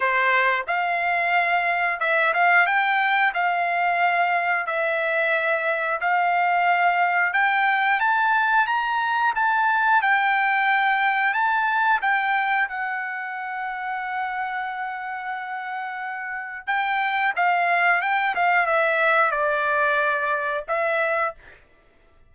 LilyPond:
\new Staff \with { instrumentName = "trumpet" } { \time 4/4 \tempo 4 = 90 c''4 f''2 e''8 f''8 | g''4 f''2 e''4~ | e''4 f''2 g''4 | a''4 ais''4 a''4 g''4~ |
g''4 a''4 g''4 fis''4~ | fis''1~ | fis''4 g''4 f''4 g''8 f''8 | e''4 d''2 e''4 | }